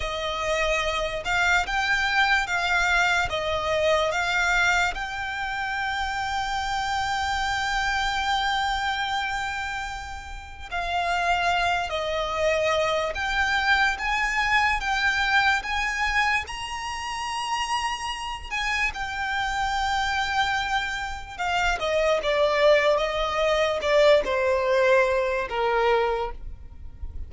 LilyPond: \new Staff \with { instrumentName = "violin" } { \time 4/4 \tempo 4 = 73 dis''4. f''8 g''4 f''4 | dis''4 f''4 g''2~ | g''1~ | g''4 f''4. dis''4. |
g''4 gis''4 g''4 gis''4 | ais''2~ ais''8 gis''8 g''4~ | g''2 f''8 dis''8 d''4 | dis''4 d''8 c''4. ais'4 | }